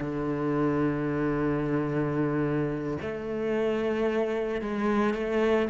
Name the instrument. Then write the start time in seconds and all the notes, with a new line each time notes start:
cello
0.00 D3
3.01 A3
4.61 G#3
5.14 A3